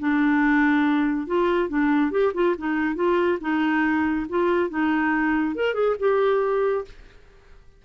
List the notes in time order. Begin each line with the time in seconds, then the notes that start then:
0.00 D4
1.27 F4
1.69 D4
2.12 G4
2.34 F4
2.58 D#4
2.96 F4
3.41 D#4
4.30 F4
4.70 D#4
5.56 A#4
5.74 G#4
6.00 G4